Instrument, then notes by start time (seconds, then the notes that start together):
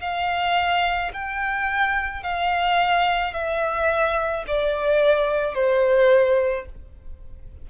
violin
0.00 F5
1.13 G5
2.23 F5
3.33 E5
4.47 D5
5.54 C5